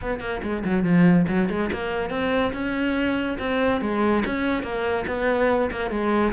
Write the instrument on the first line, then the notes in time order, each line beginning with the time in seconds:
cello
0.01 B3
0.20 A#3
0.42 G#3
0.65 F#3
0.83 F3
1.28 F#3
1.49 G#3
1.72 A#3
2.10 C4
2.53 C#4
3.38 C4
3.81 G#3
4.25 C#4
4.62 A#3
5.07 B3
5.71 A#3
5.90 G#3